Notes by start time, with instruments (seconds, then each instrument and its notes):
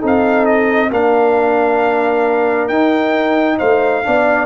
0.00 tuba C4, trombone D#4, horn A4
0.07 trumpet F5
0.46 trumpet D#5
0.91 tuba A#3, trombone D4, horn A#4, trumpet F5
2.69 tuba D#4, trombone D#4, trumpet G5
3.58 tuba A3, horn C5, trumpet F5
4.04 tuba B3, trombone D4, horn D5